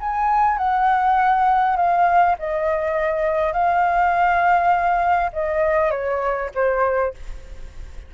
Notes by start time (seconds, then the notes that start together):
0.00 G#5
0.58 F#5
1.76 F5
2.38 D#5
3.53 F5
5.33 D#5
5.91 C#5
6.55 C5